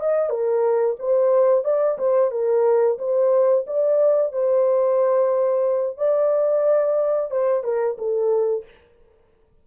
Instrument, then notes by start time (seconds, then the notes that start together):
horn
0.00 D#5
0.30 A#4
0.99 C5
1.65 D5
1.98 C5
2.31 A#4
2.98 C5
3.67 D5
4.32 C5
5.97 D5
7.31 C5
7.64 A#4
7.98 A4